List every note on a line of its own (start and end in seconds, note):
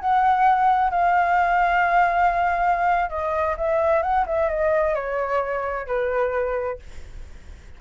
0.00 0.91 F#5
0.91 3.10 F5
3.10 3.56 D#5
3.57 4.02 E5
4.02 4.25 F#5
4.27 4.49 E5
4.49 4.95 D#5
4.95 5.87 C#5
5.87 6.79 B4